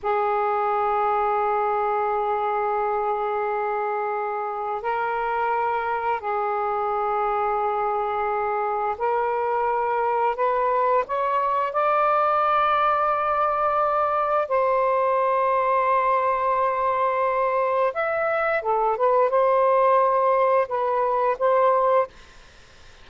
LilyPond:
\new Staff \with { instrumentName = "saxophone" } { \time 4/4 \tempo 4 = 87 gis'1~ | gis'2. ais'4~ | ais'4 gis'2.~ | gis'4 ais'2 b'4 |
cis''4 d''2.~ | d''4 c''2.~ | c''2 e''4 a'8 b'8 | c''2 b'4 c''4 | }